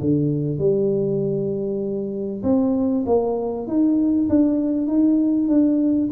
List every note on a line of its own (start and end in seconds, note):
0.00 0.58 D3
0.58 2.42 G3
2.43 3.04 C4
3.06 3.67 A#3
3.67 4.28 D#4
4.29 4.87 D4
4.87 5.48 D#4
5.48 6.09 D4